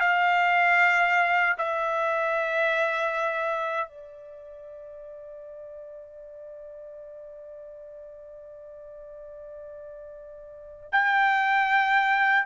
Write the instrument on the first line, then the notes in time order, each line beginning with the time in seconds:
trumpet
0.00 F5
1.58 E5
3.88 D5
10.92 G5